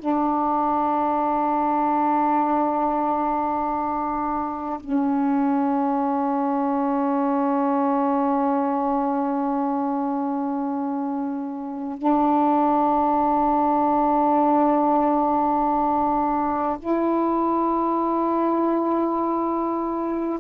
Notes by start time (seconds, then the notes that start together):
0.00 D4
4.81 C#4
11.98 D4
16.80 E4